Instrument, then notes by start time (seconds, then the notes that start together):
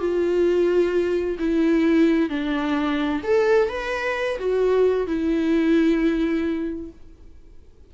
viola
0.00 F4
1.39 E4
2.30 D4
3.24 A4
3.69 B4
4.39 F#4
5.07 E4